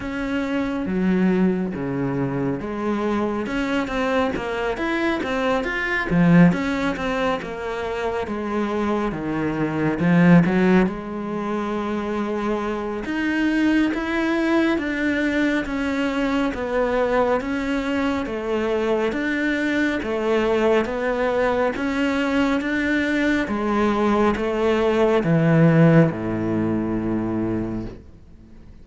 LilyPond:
\new Staff \with { instrumentName = "cello" } { \time 4/4 \tempo 4 = 69 cis'4 fis4 cis4 gis4 | cis'8 c'8 ais8 e'8 c'8 f'8 f8 cis'8 | c'8 ais4 gis4 dis4 f8 | fis8 gis2~ gis8 dis'4 |
e'4 d'4 cis'4 b4 | cis'4 a4 d'4 a4 | b4 cis'4 d'4 gis4 | a4 e4 a,2 | }